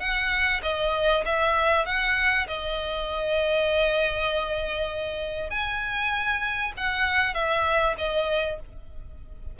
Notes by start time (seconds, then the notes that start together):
0.00 F#5
0.63 D#5
1.26 E5
1.86 F#5
2.47 D#5
5.50 G#5
6.77 F#5
7.34 E5
7.98 D#5